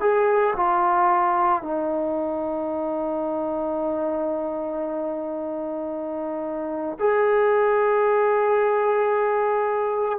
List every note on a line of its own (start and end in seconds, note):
0.00 0.54 G#4
0.56 1.62 F4
1.62 6.98 D#4
6.99 10.19 G#4